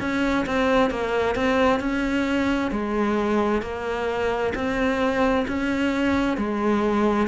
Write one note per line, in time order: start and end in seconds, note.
0.00 0.45 C#4
0.46 0.90 C4
0.90 1.36 A#3
1.36 1.80 C4
1.80 2.71 C#4
2.71 3.62 G#3
3.62 4.53 A#3
4.55 5.45 C4
5.48 6.37 C#4
6.37 7.28 G#3